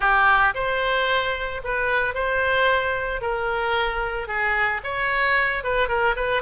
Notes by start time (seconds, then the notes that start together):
0.00 G4
0.54 C5
1.64 B4
2.14 C5
3.21 A#4
4.27 G#4
4.83 C#5
5.63 B4
5.88 A#4
6.16 B4